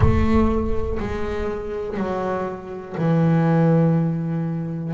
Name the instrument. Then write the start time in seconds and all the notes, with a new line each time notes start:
double bass
0.00 A3
0.99 G#3
1.97 F#3
2.97 E3